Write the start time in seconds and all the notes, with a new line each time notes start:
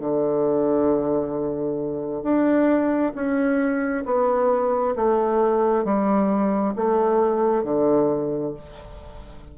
0.00 D3
2.23 D4
3.15 C#4
4.05 B3
4.96 A3
5.85 G3
6.76 A3
7.64 D3